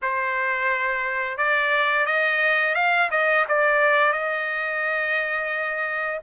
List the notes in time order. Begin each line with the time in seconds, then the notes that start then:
0.02 C5
1.37 D5
2.05 D#5
2.74 F5
3.10 D#5
3.48 D5
4.12 D#5